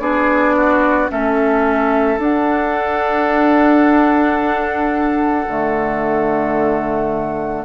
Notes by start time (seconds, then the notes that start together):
0.00 B3 D4 G#4 D5
0.57 F#4
1.10 A3 C#4 A4 E5
2.18 D4 F#5
5.48 D3 A3